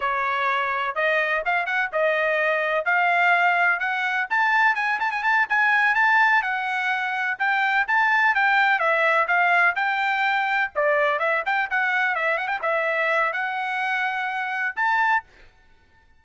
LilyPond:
\new Staff \with { instrumentName = "trumpet" } { \time 4/4 \tempo 4 = 126 cis''2 dis''4 f''8 fis''8 | dis''2 f''2 | fis''4 a''4 gis''8 a''16 gis''16 a''8 gis''8~ | gis''8 a''4 fis''2 g''8~ |
g''8 a''4 g''4 e''4 f''8~ | f''8 g''2 d''4 e''8 | g''8 fis''4 e''8 fis''16 g''16 e''4. | fis''2. a''4 | }